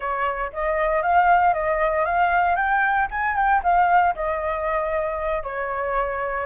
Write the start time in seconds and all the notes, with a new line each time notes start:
0.00 C#5
0.52 D#5
1.02 F5
1.53 D#5
2.05 F5
2.56 G5
3.10 G#5
3.35 G5
3.63 F5
4.15 D#5
5.43 C#5